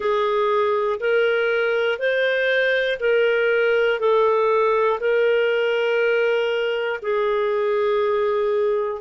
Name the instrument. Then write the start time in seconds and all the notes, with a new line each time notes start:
clarinet
0.00 G#4
1.00 A#4
1.98 C5
2.99 A#4
3.99 A4
5.00 A#4
7.01 G#4